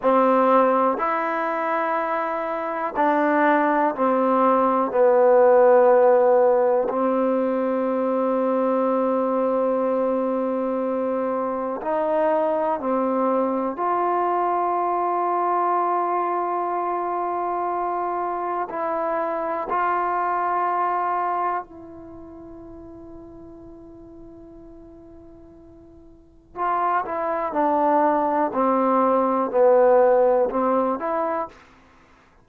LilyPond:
\new Staff \with { instrumentName = "trombone" } { \time 4/4 \tempo 4 = 61 c'4 e'2 d'4 | c'4 b2 c'4~ | c'1 | dis'4 c'4 f'2~ |
f'2. e'4 | f'2 e'2~ | e'2. f'8 e'8 | d'4 c'4 b4 c'8 e'8 | }